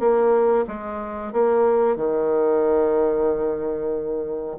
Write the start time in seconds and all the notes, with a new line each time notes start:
0.00 A#3
0.68 G#3
1.33 A#3
1.96 D#3